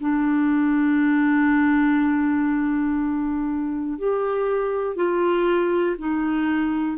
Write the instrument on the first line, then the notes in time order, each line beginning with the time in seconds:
clarinet
0.00 D4
3.99 G4
4.96 F4
5.98 D#4